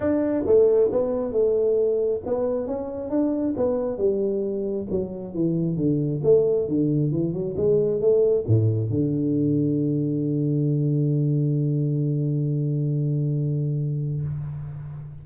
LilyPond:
\new Staff \with { instrumentName = "tuba" } { \time 4/4 \tempo 4 = 135 d'4 a4 b4 a4~ | a4 b4 cis'4 d'4 | b4 g2 fis4 | e4 d4 a4 d4 |
e8 fis8 gis4 a4 a,4 | d1~ | d1~ | d1 | }